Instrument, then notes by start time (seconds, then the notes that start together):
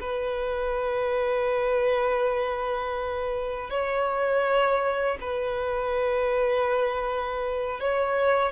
violin
0.00 B4
3.70 C#5
5.21 B4
7.80 C#5